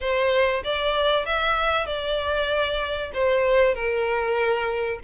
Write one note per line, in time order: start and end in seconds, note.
0.00 0.63 C5
0.63 1.25 D5
1.25 1.86 E5
1.86 3.11 D5
3.13 3.74 C5
3.74 4.99 A#4